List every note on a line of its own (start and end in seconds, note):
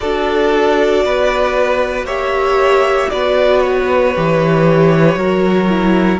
0.00 1.03 D4
0.00 2.07 F#4
0.00 1.04 A4
0.00 2.05 D5
1.03 2.02 B3
1.03 2.06 B4
2.02 3.06 A#3
2.02 3.09 G4
2.02 3.09 C#5
2.02 3.09 E5
3.09 4.16 B3
3.09 4.13 F#4
3.09 5.17 B4
3.09 3.60 D5
3.60 6.19 C#5
4.15 5.15 E3
4.15 5.18 G4
5.15 6.19 F#3
5.15 5.69 F#4
5.15 6.19 A#4
5.69 6.19 E4